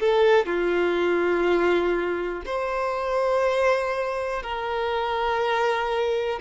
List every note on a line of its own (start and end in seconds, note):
0.00 0.46 A4
0.46 2.42 F4
2.46 4.43 C5
4.43 6.39 A#4